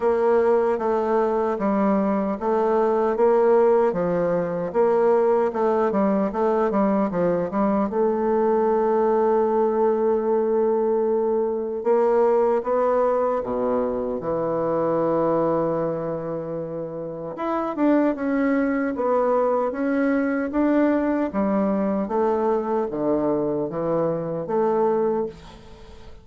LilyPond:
\new Staff \with { instrumentName = "bassoon" } { \time 4/4 \tempo 4 = 76 ais4 a4 g4 a4 | ais4 f4 ais4 a8 g8 | a8 g8 f8 g8 a2~ | a2. ais4 |
b4 b,4 e2~ | e2 e'8 d'8 cis'4 | b4 cis'4 d'4 g4 | a4 d4 e4 a4 | }